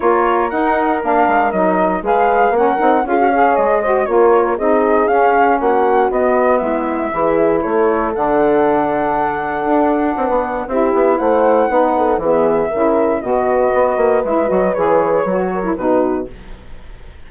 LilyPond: <<
  \new Staff \with { instrumentName = "flute" } { \time 4/4 \tempo 4 = 118 cis''4 fis''4 f''4 dis''4 | f''4 fis''4 f''4 dis''4 | cis''4 dis''4 f''4 fis''4 | dis''4 e''2 cis''4 |
fis''1~ | fis''4 e''4 fis''2 | e''2 dis''2 | e''8 dis''8 cis''2 b'4 | }
  \new Staff \with { instrumentName = "horn" } { \time 4/4 ais'1 | b'4 ais'4 gis'8 cis''4 c''8 | ais'4 gis'2 fis'4~ | fis'4 e'4 gis'4 a'4~ |
a'1 | b'4 g'4 c''4 b'8 a'8 | gis'4 ais'4 b'2~ | b'2~ b'8 ais'8 fis'4 | }
  \new Staff \with { instrumentName = "saxophone" } { \time 4/4 f'4 dis'4 d'4 dis'4 | gis'4 cis'8 dis'8 f'16 fis'16 gis'4 fis'8 | f'4 dis'4 cis'2 | b2 e'2 |
d'1~ | d'4 e'2 dis'4 | b4 e'4 fis'2 | e'8 fis'8 gis'4 fis'8. e'16 dis'4 | }
  \new Staff \with { instrumentName = "bassoon" } { \time 4/4 ais4 dis'4 ais8 gis8 fis4 | gis4 ais8 c'8 cis'4 gis4 | ais4 c'4 cis'4 ais4 | b4 gis4 e4 a4 |
d2. d'4 | c'16 b8. c'8 b8 a4 b4 | e4 cis4 b,4 b8 ais8 | gis8 fis8 e4 fis4 b,4 | }
>>